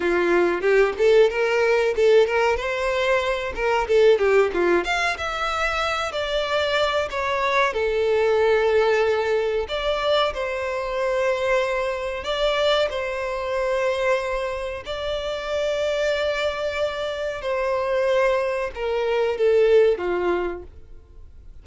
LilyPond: \new Staff \with { instrumentName = "violin" } { \time 4/4 \tempo 4 = 93 f'4 g'8 a'8 ais'4 a'8 ais'8 | c''4. ais'8 a'8 g'8 f'8 f''8 | e''4. d''4. cis''4 | a'2. d''4 |
c''2. d''4 | c''2. d''4~ | d''2. c''4~ | c''4 ais'4 a'4 f'4 | }